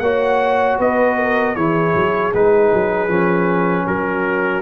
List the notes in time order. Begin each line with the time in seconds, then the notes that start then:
0.00 A#3 F#4 C#5 F#5
0.79 B3 B4 D#5
1.17 A#4
1.55 E3 E4 G#4 C#5
1.95 F#3
2.34 G#3 D#4 B4
2.74 F#3
3.08 F3 C#4
3.87 F#3 F#4 A#4